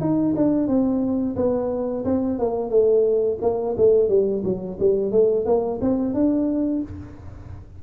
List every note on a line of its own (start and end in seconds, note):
0.00 0.34 D#4
0.36 0.67 D4
0.67 1.35 C4
1.36 2.04 B3
2.05 2.38 C4
2.38 2.70 A#3
2.70 3.38 A3
3.41 3.75 A#3
3.77 4.08 A3
4.08 4.43 G3
4.43 4.78 F#3
4.79 5.11 G3
5.11 5.45 A3
5.45 5.79 A#3
5.81 6.14 C4
6.14 6.82 D4